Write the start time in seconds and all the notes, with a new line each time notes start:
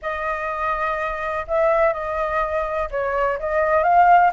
0.02 D#5
1.47 E5
1.93 D#5
2.90 C#5
3.39 D#5
3.83 F5